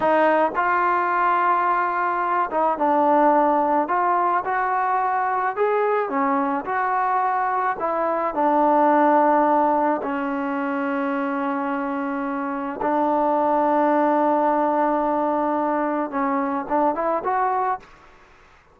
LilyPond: \new Staff \with { instrumentName = "trombone" } { \time 4/4 \tempo 4 = 108 dis'4 f'2.~ | f'8 dis'8 d'2 f'4 | fis'2 gis'4 cis'4 | fis'2 e'4 d'4~ |
d'2 cis'2~ | cis'2. d'4~ | d'1~ | d'4 cis'4 d'8 e'8 fis'4 | }